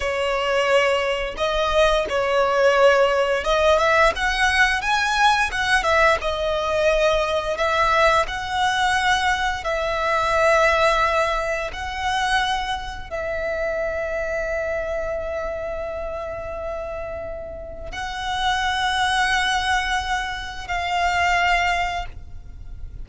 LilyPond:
\new Staff \with { instrumentName = "violin" } { \time 4/4 \tempo 4 = 87 cis''2 dis''4 cis''4~ | cis''4 dis''8 e''8 fis''4 gis''4 | fis''8 e''8 dis''2 e''4 | fis''2 e''2~ |
e''4 fis''2 e''4~ | e''1~ | e''2 fis''2~ | fis''2 f''2 | }